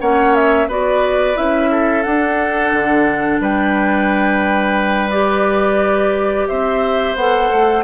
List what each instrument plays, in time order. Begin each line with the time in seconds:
0.00 bassoon A#3, clarinet C#4, oboe C#5, flute F#5
0.34 flute E5
0.67 bassoon B3, clarinet F#4, oboe B4, flute D5
1.34 bassoon C#4, clarinet E4, flute E5
1.71 oboe A4
2.03 bassoon D4, clarinet D4, flute F#5
2.73 bassoon D3
3.40 bassoon G3, oboe B4, flute G5
5.10 clarinet G4, flute D5
6.47 bassoon C4, oboe C5, flute E5
7.15 bassoon B3, clarinet A4, flute F#5
7.50 bassoon A3